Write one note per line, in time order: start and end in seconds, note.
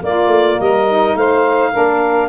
0.00 0.86 A#3
0.00 0.27 A#3
0.00 0.60 F4
0.00 0.60 D5
0.27 0.56 A3
0.60 1.15 G3
0.60 1.17 A#4
0.60 1.17 D#5
0.89 1.73 D#4
1.15 1.72 A3
1.15 1.71 C5
1.15 2.29 F5
1.71 2.29 A#3
1.71 2.29 D4
1.71 2.28 A#4